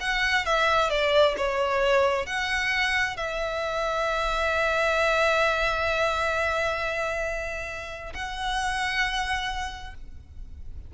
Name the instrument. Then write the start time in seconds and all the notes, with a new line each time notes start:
violin
0.00 F#5
0.45 E5
0.90 D5
1.37 C#5
2.26 F#5
3.16 E5
8.13 F#5